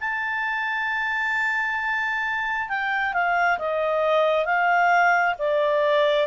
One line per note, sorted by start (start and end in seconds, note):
0.00 2.69 A5
2.69 3.13 G5
3.13 3.58 F5
3.58 4.45 D#5
4.45 5.34 F5
5.38 6.27 D5